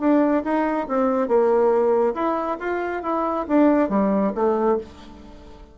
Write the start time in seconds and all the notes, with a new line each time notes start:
0.00 D4
0.44 D#4
0.88 C4
1.28 A#3
2.14 E4
2.60 F4
3.03 E4
3.48 D4
3.89 G3
4.35 A3